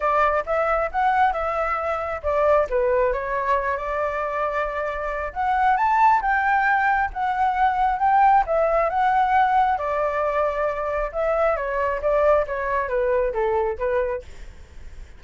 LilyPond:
\new Staff \with { instrumentName = "flute" } { \time 4/4 \tempo 4 = 135 d''4 e''4 fis''4 e''4~ | e''4 d''4 b'4 cis''4~ | cis''8 d''2.~ d''8 | fis''4 a''4 g''2 |
fis''2 g''4 e''4 | fis''2 d''2~ | d''4 e''4 cis''4 d''4 | cis''4 b'4 a'4 b'4 | }